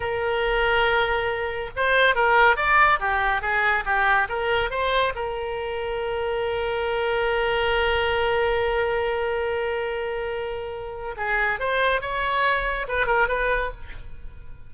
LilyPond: \new Staff \with { instrumentName = "oboe" } { \time 4/4 \tempo 4 = 140 ais'1 | c''4 ais'4 d''4 g'4 | gis'4 g'4 ais'4 c''4 | ais'1~ |
ais'1~ | ais'1~ | ais'2 gis'4 c''4 | cis''2 b'8 ais'8 b'4 | }